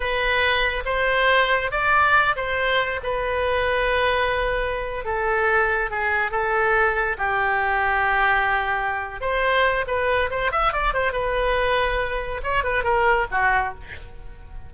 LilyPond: \new Staff \with { instrumentName = "oboe" } { \time 4/4 \tempo 4 = 140 b'2 c''2 | d''4. c''4. b'4~ | b'2.~ b'8. a'16~ | a'4.~ a'16 gis'4 a'4~ a'16~ |
a'8. g'2.~ g'16~ | g'4. c''4. b'4 | c''8 e''8 d''8 c''8 b'2~ | b'4 cis''8 b'8 ais'4 fis'4 | }